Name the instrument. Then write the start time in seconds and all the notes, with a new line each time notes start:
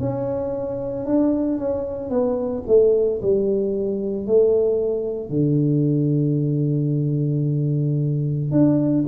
tuba
0.00 C#4
1.06 D4
1.58 C#4
2.10 B3
2.67 A3
3.22 G3
4.27 A3
5.30 D3
8.52 D4